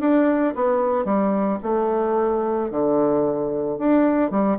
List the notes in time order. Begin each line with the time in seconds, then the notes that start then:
0.00 D4
0.55 B3
1.05 G3
1.63 A3
2.71 D3
3.78 D4
4.31 G3